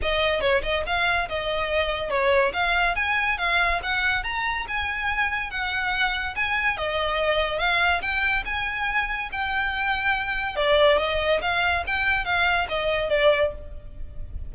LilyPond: \new Staff \with { instrumentName = "violin" } { \time 4/4 \tempo 4 = 142 dis''4 cis''8 dis''8 f''4 dis''4~ | dis''4 cis''4 f''4 gis''4 | f''4 fis''4 ais''4 gis''4~ | gis''4 fis''2 gis''4 |
dis''2 f''4 g''4 | gis''2 g''2~ | g''4 d''4 dis''4 f''4 | g''4 f''4 dis''4 d''4 | }